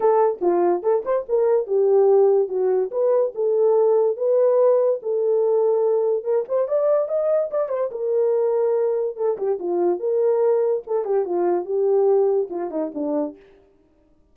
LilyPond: \new Staff \with { instrumentName = "horn" } { \time 4/4 \tempo 4 = 144 a'4 f'4 a'8 c''8 ais'4 | g'2 fis'4 b'4 | a'2 b'2 | a'2. ais'8 c''8 |
d''4 dis''4 d''8 c''8 ais'4~ | ais'2 a'8 g'8 f'4 | ais'2 a'8 g'8 f'4 | g'2 f'8 dis'8 d'4 | }